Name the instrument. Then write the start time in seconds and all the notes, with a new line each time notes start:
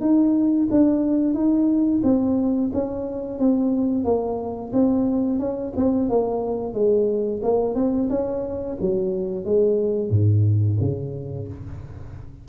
tuba
0.00 D#4
0.70 D4
1.34 D#4
2.03 C4
2.73 C#4
3.38 C4
4.04 A#3
4.73 C4
5.39 C#4
5.76 C4
6.09 A#3
6.73 G#3
7.42 A#3
7.75 C4
8.09 C#4
8.80 F#3
9.44 G#3
10.10 G#2
10.80 C#3